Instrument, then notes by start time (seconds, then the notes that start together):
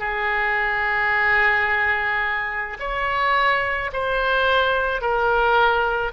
oboe
0.00 G#4
2.80 C#5
3.93 C5
5.02 A#4